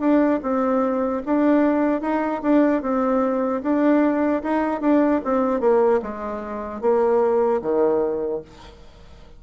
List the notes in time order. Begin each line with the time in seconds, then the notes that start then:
0.00 D4
0.42 C4
1.25 D4
2.01 D#4
2.42 D4
2.82 C4
3.62 D4
4.43 D#4
4.80 D4
5.24 C4
5.60 A#3
6.02 G#3
6.81 A#3
7.61 D#3